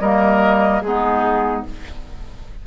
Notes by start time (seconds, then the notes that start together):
0.00 G3 A#3 A#4 D#5
0.82 G#3 B3 D#4 G#4